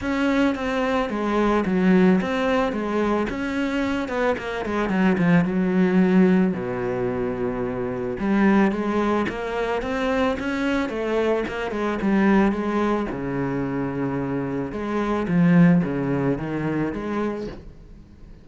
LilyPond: \new Staff \with { instrumentName = "cello" } { \time 4/4 \tempo 4 = 110 cis'4 c'4 gis4 fis4 | c'4 gis4 cis'4. b8 | ais8 gis8 fis8 f8 fis2 | b,2. g4 |
gis4 ais4 c'4 cis'4 | a4 ais8 gis8 g4 gis4 | cis2. gis4 | f4 cis4 dis4 gis4 | }